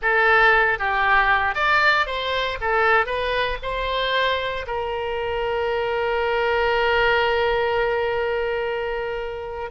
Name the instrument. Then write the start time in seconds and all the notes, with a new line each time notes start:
oboe
0.02 A4
0.79 G4
1.54 D5
2.06 C5
2.60 A4
3.05 B4
3.62 C5
4.66 A#4